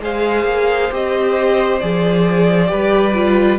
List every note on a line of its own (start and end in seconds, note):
0.00 0.44 G#3
0.00 0.91 G#4
0.00 2.70 C5
0.00 0.94 F5
0.44 0.89 A#3
0.91 1.81 C4
0.91 1.80 G4
0.91 1.79 D#5
1.79 2.71 F3
1.79 2.67 G#4
1.79 3.58 D5
2.67 3.59 G3
2.67 3.12 G4
2.67 3.59 B4
3.14 3.59 F4